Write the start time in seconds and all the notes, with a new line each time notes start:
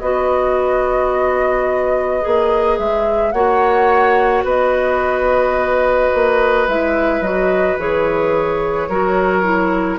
0.00 B3 F#4 B4 D#5
2.21 A#3 G#4
2.78 G#3 E5
3.31 A#3 F#4 C#5 F#5
4.44 B3 B4 D#5
6.14 A#3
6.67 G#3 E4 E5
7.20 F#3 F#4 D#5
7.78 E3 G#4 C#5
8.88 F#3 F#4 A#4
9.43 E4